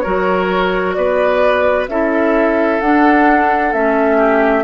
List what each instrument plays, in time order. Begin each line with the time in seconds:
0.00 bassoon F#3, clarinet F#4, oboe A#4, flute C#5
0.93 bassoon B3, oboe B4, flute D5
1.87 bassoon C#4, clarinet E4, oboe A4, flute E5
2.80 bassoon D4, clarinet D4, flute F#5
3.73 bassoon A3, clarinet C#4, flute E5
4.17 oboe G4